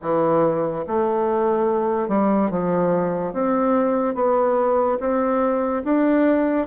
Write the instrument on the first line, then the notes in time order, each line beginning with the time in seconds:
bassoon
0.02 E3
0.87 A3
2.08 G3
2.50 F3
3.33 C4
4.14 B3
5.00 C4
5.84 D4